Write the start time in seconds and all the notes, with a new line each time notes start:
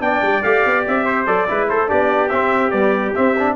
0.00 B3 D4 D5 G5
0.22 G3
0.43 A3 G4 F5
0.66 B3
0.87 C4 E5
1.05 C5
1.26 F#3 A4 D5
1.48 G#3 E4 B4
1.69 A3 A4 C5
1.87 B3 D4 G4 D5
2.29 C4 E5
2.71 G3 B3 D5
3.15 C4 E5
3.39 D4